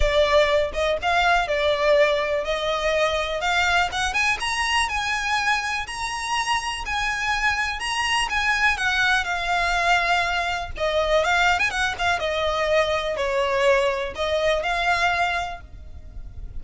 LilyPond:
\new Staff \with { instrumentName = "violin" } { \time 4/4 \tempo 4 = 123 d''4. dis''8 f''4 d''4~ | d''4 dis''2 f''4 | fis''8 gis''8 ais''4 gis''2 | ais''2 gis''2 |
ais''4 gis''4 fis''4 f''4~ | f''2 dis''4 f''8. gis''16 | fis''8 f''8 dis''2 cis''4~ | cis''4 dis''4 f''2 | }